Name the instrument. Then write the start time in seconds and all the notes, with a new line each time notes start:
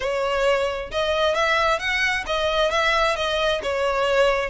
violin
0.00 C#5
0.91 D#5
1.34 E5
1.79 F#5
2.26 D#5
2.71 E5
3.16 D#5
3.63 C#5